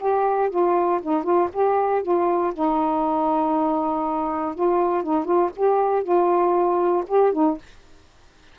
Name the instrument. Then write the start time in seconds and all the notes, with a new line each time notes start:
saxophone
0.00 G4
0.50 F4
1.03 D#4
1.24 F4
1.53 G4
2.03 F4
2.54 D#4
4.55 F4
5.04 D#4
5.25 F4
5.56 G4
6.04 F4
7.08 G4
7.33 D#4